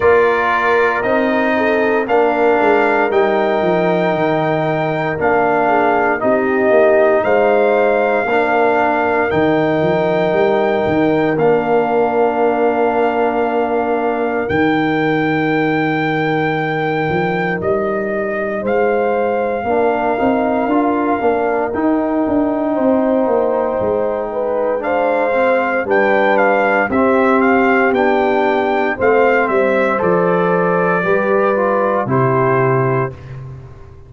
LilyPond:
<<
  \new Staff \with { instrumentName = "trumpet" } { \time 4/4 \tempo 4 = 58 d''4 dis''4 f''4 g''4~ | g''4 f''4 dis''4 f''4~ | f''4 g''2 f''4~ | f''2 g''2~ |
g''4 dis''4 f''2~ | f''4 g''2. | f''4 g''8 f''8 e''8 f''8 g''4 | f''8 e''8 d''2 c''4 | }
  \new Staff \with { instrumentName = "horn" } { \time 4/4 ais'4. a'8 ais'2~ | ais'4. gis'8 g'4 c''4 | ais'1~ | ais'1~ |
ais'2 c''4 ais'4~ | ais'2 c''4. b'8 | c''4 b'4 g'2 | c''2 b'4 g'4 | }
  \new Staff \with { instrumentName = "trombone" } { \time 4/4 f'4 dis'4 d'4 dis'4~ | dis'4 d'4 dis'2 | d'4 dis'2 d'4~ | d'2 dis'2~ |
dis'2. d'8 dis'8 | f'8 d'8 dis'2. | d'8 c'8 d'4 c'4 d'4 | c'4 a'4 g'8 f'8 e'4 | }
  \new Staff \with { instrumentName = "tuba" } { \time 4/4 ais4 c'4 ais8 gis8 g8 f8 | dis4 ais4 c'8 ais8 gis4 | ais4 dis8 f8 g8 dis8 ais4~ | ais2 dis2~ |
dis8 f8 g4 gis4 ais8 c'8 | d'8 ais8 dis'8 d'8 c'8 ais8 gis4~ | gis4 g4 c'4 b4 | a8 g8 f4 g4 c4 | }
>>